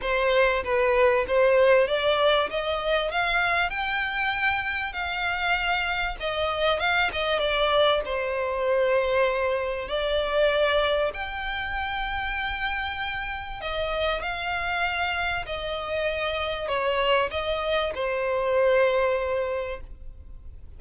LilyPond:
\new Staff \with { instrumentName = "violin" } { \time 4/4 \tempo 4 = 97 c''4 b'4 c''4 d''4 | dis''4 f''4 g''2 | f''2 dis''4 f''8 dis''8 | d''4 c''2. |
d''2 g''2~ | g''2 dis''4 f''4~ | f''4 dis''2 cis''4 | dis''4 c''2. | }